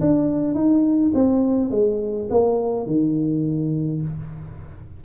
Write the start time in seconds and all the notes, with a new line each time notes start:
0.00 D4
0.54 D#4
1.14 C4
1.70 G#3
2.30 A#3
2.86 D#3